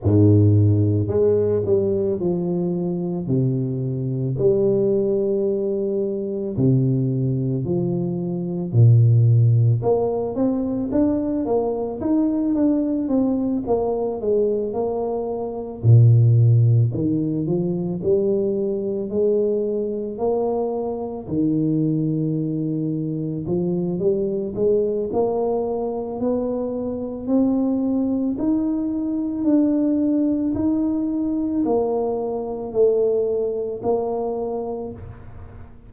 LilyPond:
\new Staff \with { instrumentName = "tuba" } { \time 4/4 \tempo 4 = 55 gis,4 gis8 g8 f4 c4 | g2 c4 f4 | ais,4 ais8 c'8 d'8 ais8 dis'8 d'8 | c'8 ais8 gis8 ais4 ais,4 dis8 |
f8 g4 gis4 ais4 dis8~ | dis4. f8 g8 gis8 ais4 | b4 c'4 dis'4 d'4 | dis'4 ais4 a4 ais4 | }